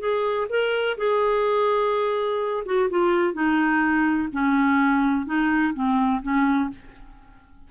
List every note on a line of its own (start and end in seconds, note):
0.00 0.48 G#4
0.50 0.97 A#4
0.98 2.65 G#4
2.66 2.90 F#4
2.90 3.34 F4
3.34 4.29 D#4
4.33 5.26 C#4
5.26 5.74 D#4
5.74 6.22 C4
6.23 6.70 C#4